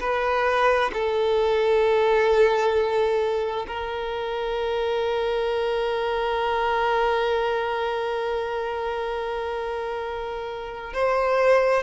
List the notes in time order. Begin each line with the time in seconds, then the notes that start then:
0.00 B4
0.93 A4
3.67 A#4
10.93 C5